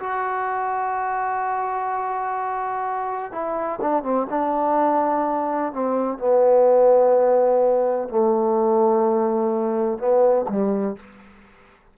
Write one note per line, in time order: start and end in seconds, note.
0.00 3.32 F#4
3.32 3.80 E4
3.81 4.03 D4
4.03 4.27 C4
4.30 5.73 D4
5.73 6.19 C4
6.19 8.09 B3
8.09 9.98 A3
9.98 10.46 B3
10.49 10.97 G3